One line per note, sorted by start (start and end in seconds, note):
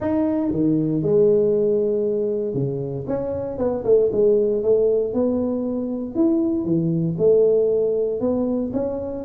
0.00 0.51 D#4
0.51 1.02 D#3
1.02 2.54 G#3
2.54 3.05 C#3
3.07 3.58 C#4
3.58 3.83 B3
3.84 4.10 A3
4.12 4.62 G#3
4.62 5.13 A3
5.13 6.15 B3
6.15 6.64 E4
6.64 7.16 E3
7.18 8.20 A3
8.20 8.72 B3
8.73 9.24 C#4